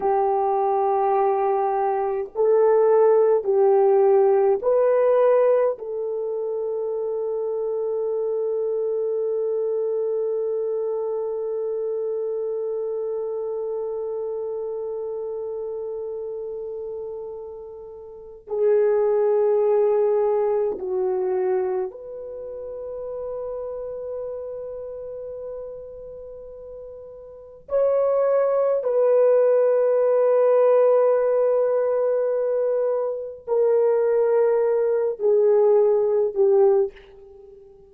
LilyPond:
\new Staff \with { instrumentName = "horn" } { \time 4/4 \tempo 4 = 52 g'2 a'4 g'4 | b'4 a'2.~ | a'1~ | a'1 |
gis'2 fis'4 b'4~ | b'1 | cis''4 b'2.~ | b'4 ais'4. gis'4 g'8 | }